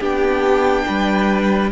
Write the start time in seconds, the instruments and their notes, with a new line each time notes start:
0.00 cello B3, viola D4, violin G4 G5
0.87 cello G3, violin B4